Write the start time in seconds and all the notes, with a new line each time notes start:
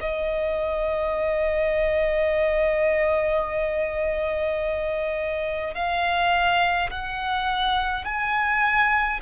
0.00 D#5
5.74 F5
6.90 F#5
8.05 G#5